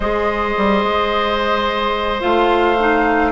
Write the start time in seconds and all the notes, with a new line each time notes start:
0.00 G#3 G#4 C5 D#5
0.57 G3
0.83 G#3
2.20 A3 F4 F5
2.79 D#4